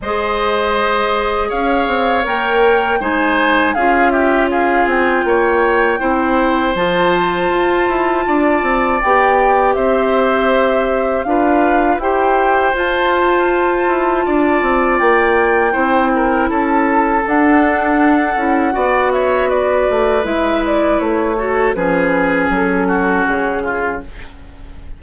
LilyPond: <<
  \new Staff \with { instrumentName = "flute" } { \time 4/4 \tempo 4 = 80 dis''2 f''4 g''4 | gis''4 f''8 e''8 f''8 g''4.~ | g''4 a''2. | g''4 e''2 f''4 |
g''4 a''2. | g''2 a''4 fis''4~ | fis''4. e''8 d''4 e''8 d''8 | cis''4 b'4 a'4 gis'4 | }
  \new Staff \with { instrumentName = "oboe" } { \time 4/4 c''2 cis''2 | c''4 gis'8 g'8 gis'4 cis''4 | c''2. d''4~ | d''4 c''2 b'4 |
c''2. d''4~ | d''4 c''8 ais'8 a'2~ | a'4 d''8 cis''8 b'2~ | b'8 a'8 gis'4. fis'4 f'8 | }
  \new Staff \with { instrumentName = "clarinet" } { \time 4/4 gis'2. ais'4 | dis'4 f'2. | e'4 f'2. | g'2. f'4 |
g'4 f'2.~ | f'4 e'2 d'4~ | d'8 e'8 fis'2 e'4~ | e'8 fis'8 cis'2. | }
  \new Staff \with { instrumentName = "bassoon" } { \time 4/4 gis2 cis'8 c'8 ais4 | gis4 cis'4. c'8 ais4 | c'4 f4 f'8 e'8 d'8 c'8 | b4 c'2 d'4 |
e'4 f'4. e'8 d'8 c'8 | ais4 c'4 cis'4 d'4~ | d'8 cis'8 b4. a8 gis4 | a4 f4 fis4 cis4 | }
>>